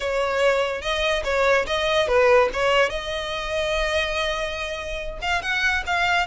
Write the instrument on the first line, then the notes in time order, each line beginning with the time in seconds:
violin
0.00 C#5
0.81 D#5
1.23 C#5
1.66 D#5
2.07 B4
2.53 C#5
2.89 D#5
5.21 F5
5.42 F#5
5.86 F5